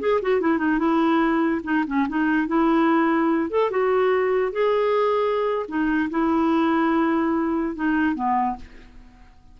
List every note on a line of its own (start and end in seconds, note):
0.00 0.21 G#4
0.22 0.41 F#4
0.41 0.58 E4
0.58 0.79 D#4
0.79 1.61 E4
1.64 1.85 D#4
1.87 2.08 C#4
2.09 2.48 D#4
2.48 3.50 E4
3.50 3.71 A4
3.71 4.53 F#4
4.53 5.66 G#4
5.68 6.10 D#4
6.10 7.76 E4
7.76 8.15 D#4
8.15 8.56 B3